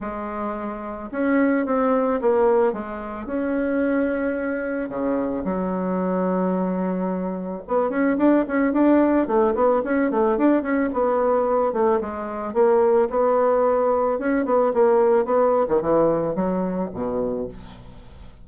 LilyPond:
\new Staff \with { instrumentName = "bassoon" } { \time 4/4 \tempo 4 = 110 gis2 cis'4 c'4 | ais4 gis4 cis'2~ | cis'4 cis4 fis2~ | fis2 b8 cis'8 d'8 cis'8 |
d'4 a8 b8 cis'8 a8 d'8 cis'8 | b4. a8 gis4 ais4 | b2 cis'8 b8 ais4 | b8. dis16 e4 fis4 b,4 | }